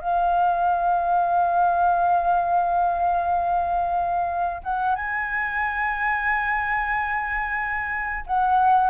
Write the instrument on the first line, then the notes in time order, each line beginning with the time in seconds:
flute
0.00 F5
4.63 F#5
4.95 G#5
8.26 F#5